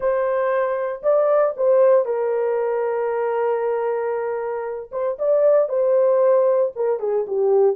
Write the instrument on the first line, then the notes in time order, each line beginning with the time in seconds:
horn
0.00 C5
1.03 D5
1.57 C5
2.05 A#4
4.91 C5
5.18 D5
5.68 C5
6.75 A#4
6.99 G#4
7.27 G4